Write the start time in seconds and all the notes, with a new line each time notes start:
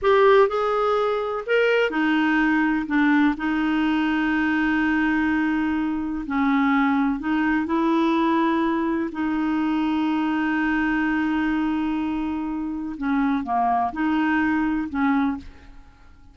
0.02 G4
0.48 G#4
1.46 A#4
1.90 D#4
2.86 D4
3.37 D#4
6.26 C#4
7.19 D#4
7.66 E4
9.12 D#4
12.97 C#4
13.43 A#3
13.92 D#4
14.89 C#4